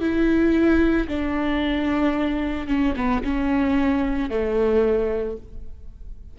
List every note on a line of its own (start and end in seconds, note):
0.00 1.07 E4
1.07 2.67 D4
2.67 2.94 C#4
2.96 3.23 B3
3.23 4.30 C#4
4.30 5.37 A3